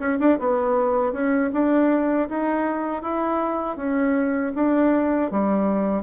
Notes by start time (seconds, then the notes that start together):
0.00 C#4
0.20 D4
0.39 B3
1.13 C#4
1.53 D4
2.30 D#4
3.03 E4
3.77 C#4
4.55 D4
5.32 G3